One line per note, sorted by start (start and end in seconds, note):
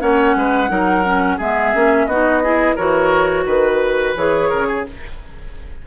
0.00 0.35 A#3
0.00 0.68 C#4
0.00 0.36 C#5
0.00 1.39 F#5
0.36 0.70 G#3
0.36 0.71 B4
0.68 1.39 F#3
0.68 1.03 D#4
0.68 1.37 A#4
1.05 1.40 C#4
1.37 1.74 G#3
1.37 1.75 B3
1.37 2.06 G#4
1.37 2.06 E5
1.75 2.07 A#3
1.75 2.09 C#4
2.06 2.76 B3
2.06 2.44 D#4
2.06 2.43 F#4
2.06 2.75 D#5
2.43 2.78 E4
2.43 2.76 G#4
2.76 3.46 E3
2.76 4.16 F#4
2.76 3.45 A#4
2.76 3.46 C#5
3.46 4.15 D#3
3.46 4.49 B4
3.46 4.17 B4
4.17 4.51 E3
4.17 4.86 G#4
4.17 4.85 C#5
4.49 4.87 C#3
4.49 4.67 A#4
4.68 4.85 G#4